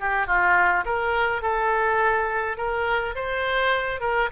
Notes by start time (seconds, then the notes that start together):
0.00 G4
0.27 F4
0.85 A#4
1.42 A4
2.57 A#4
3.15 C5
4.00 A#4